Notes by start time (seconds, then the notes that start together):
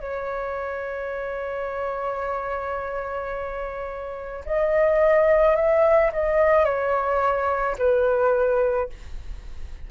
0.00 C#5
4.45 D#5
5.56 E5
6.13 D#5
6.65 C#5
7.78 B4